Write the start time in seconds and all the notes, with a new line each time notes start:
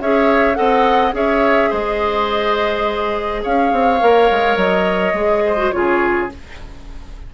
0.00 C#4 G#4 C#5 E5
0.55 C4 A4 D#5 F#5
1.12 C#4 G#4 C#5 E5
1.70 G#3 C5 D#5
3.43 C#4 C#5 F5
3.72 C4
4.00 A#3 A#4
4.31 G#3
4.56 F#3 D#5
5.13 G#3 G#4
5.46 C5
5.57 F#4
5.72 C#3 F4 G#4 C#5